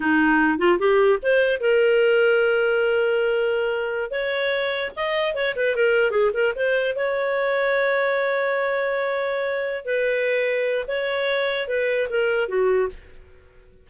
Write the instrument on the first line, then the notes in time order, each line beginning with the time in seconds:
clarinet
0.00 D#4
0.58 F4
0.79 G4
1.22 C5
1.60 A#4
4.10 C#5
4.95 D#5
5.34 C#5
5.56 B4
5.75 A#4
6.10 G#4
6.33 A#4
6.55 C5
6.95 C#5
9.85 B4
10.87 C#5
11.68 B4
12.09 A#4
12.48 F#4